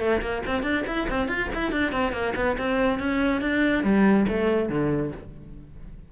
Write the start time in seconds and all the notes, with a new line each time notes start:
0.00 A3
0.21 A#3
0.46 C4
0.63 D4
0.87 E4
1.09 C4
1.28 F4
1.55 E4
1.72 D4
1.92 C4
2.13 A#3
2.36 B3
2.58 C4
3.00 C#4
3.42 D4
3.84 G3
4.29 A3
4.69 D3